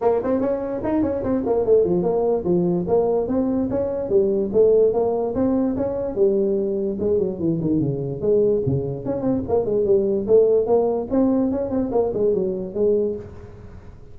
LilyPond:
\new Staff \with { instrumentName = "tuba" } { \time 4/4 \tempo 4 = 146 ais8 c'8 cis'4 dis'8 cis'8 c'8 ais8 | a8 f8 ais4 f4 ais4 | c'4 cis'4 g4 a4 | ais4 c'4 cis'4 g4~ |
g4 gis8 fis8 e8 dis8 cis4 | gis4 cis4 cis'8 c'8 ais8 gis8 | g4 a4 ais4 c'4 | cis'8 c'8 ais8 gis8 fis4 gis4 | }